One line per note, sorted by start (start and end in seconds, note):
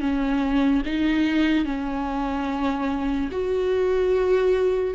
0.00 0.82 C#4
0.86 1.65 D#4
1.65 3.29 C#4
3.31 4.95 F#4